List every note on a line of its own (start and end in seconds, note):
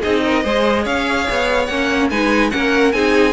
0.00 0.44 C4
0.00 0.43 D#4
0.00 0.21 G#4
0.00 0.85 D#5
0.23 0.43 A#4
0.43 0.85 G#3
0.43 1.68 G#4
0.43 0.83 C5
0.83 1.27 C#4
0.83 2.08 C#5
0.83 1.66 F5
1.29 1.68 B3
1.66 2.10 A#3
1.66 2.11 C#4
1.66 2.07 F#5
2.10 2.52 G#3
2.10 2.50 D#4
2.10 2.51 B4
2.10 2.50 G#5
2.50 2.93 A#3
2.50 2.92 C#4
2.50 2.94 A#4
2.50 2.92 F#5
2.92 3.33 C4
2.92 3.33 D#4
2.92 3.33 G#4
2.92 3.33 G#5